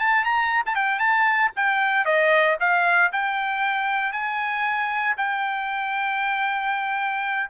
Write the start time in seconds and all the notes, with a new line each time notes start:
0.00 A5
0.24 A#5
0.66 A5
0.75 G5
0.99 A5
1.56 G5
2.05 D#5
2.60 F5
3.12 G5
4.12 G#5
5.17 G5